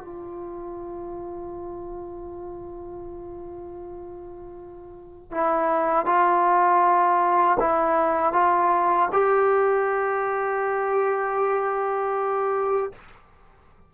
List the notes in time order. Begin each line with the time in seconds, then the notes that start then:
0.00 F4
5.32 E4
6.06 F4
7.60 E4
8.33 F4
9.13 G4